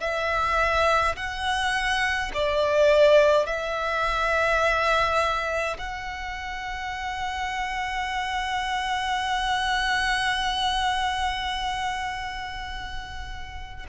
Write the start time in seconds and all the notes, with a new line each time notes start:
0.00 E5
1.16 F#5
2.34 D5
3.46 E5
5.78 F#5